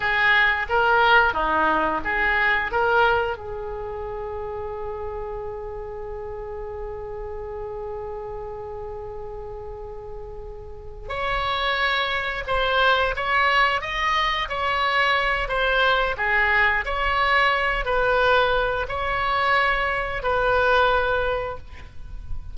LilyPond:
\new Staff \with { instrumentName = "oboe" } { \time 4/4 \tempo 4 = 89 gis'4 ais'4 dis'4 gis'4 | ais'4 gis'2.~ | gis'1~ | gis'1~ |
gis'8 cis''2 c''4 cis''8~ | cis''8 dis''4 cis''4. c''4 | gis'4 cis''4. b'4. | cis''2 b'2 | }